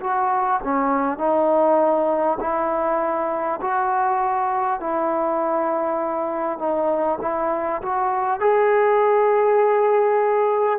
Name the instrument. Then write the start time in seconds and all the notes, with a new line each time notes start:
trombone
0.00 F#4
0.63 C#4
1.17 D#4
2.40 E4
3.61 F#4
4.79 E4
6.58 D#4
7.21 E4
7.82 F#4
8.39 G#4